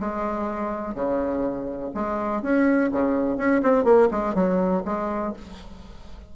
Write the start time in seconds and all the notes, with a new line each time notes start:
0.00 G#3
0.95 C#3
1.94 G#3
2.42 C#4
2.92 C#3
3.37 C#4
3.62 C4
3.84 A#3
4.11 G#3
4.35 F#3
4.85 G#3